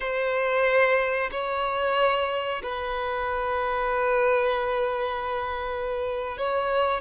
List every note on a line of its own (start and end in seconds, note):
0.00 1.30 C5
1.31 2.61 C#5
2.63 6.37 B4
6.37 7.00 C#5